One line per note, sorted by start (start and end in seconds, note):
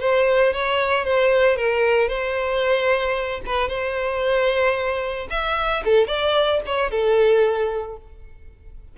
0.00 0.53 C5
0.53 1.05 C#5
1.05 1.56 C5
1.56 2.08 A#4
2.08 3.41 C5
3.46 3.69 B4
3.69 5.28 C5
5.30 5.83 E5
5.85 6.07 A4
6.07 6.60 D5
6.66 6.91 C#5
6.91 7.97 A4